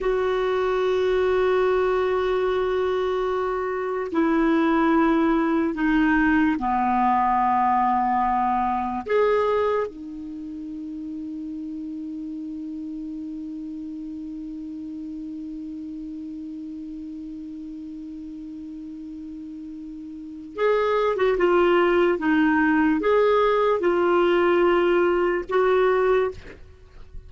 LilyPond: \new Staff \with { instrumentName = "clarinet" } { \time 4/4 \tempo 4 = 73 fis'1~ | fis'4 e'2 dis'4 | b2. gis'4 | dis'1~ |
dis'1~ | dis'1~ | dis'4 gis'8. fis'16 f'4 dis'4 | gis'4 f'2 fis'4 | }